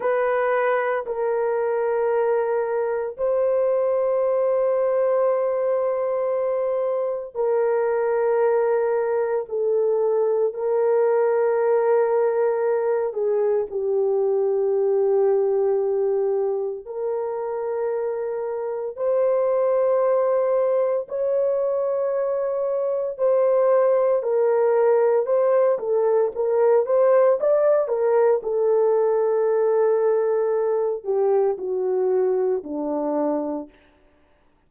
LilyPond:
\new Staff \with { instrumentName = "horn" } { \time 4/4 \tempo 4 = 57 b'4 ais'2 c''4~ | c''2. ais'4~ | ais'4 a'4 ais'2~ | ais'8 gis'8 g'2. |
ais'2 c''2 | cis''2 c''4 ais'4 | c''8 a'8 ais'8 c''8 d''8 ais'8 a'4~ | a'4. g'8 fis'4 d'4 | }